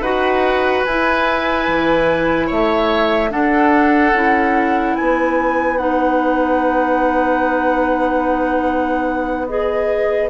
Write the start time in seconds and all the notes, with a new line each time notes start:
0.00 D#4 F#4 B4 F#5
0.84 E4 G#5
1.67 E3
2.47 A3 C#5 E5
3.30 D4 A4 F#5
4.12 C#4 E4
4.95 B3 B4 G#5
5.77 D#4 F#5
9.47 G#4 D#5